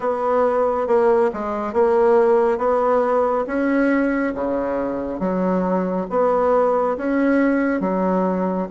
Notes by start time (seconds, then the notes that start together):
0.00 B3
0.87 A#3
1.33 G#3
1.73 A#3
2.58 B3
3.46 C#4
4.34 C#3
5.19 F#3
6.09 B3
6.97 C#4
7.80 F#3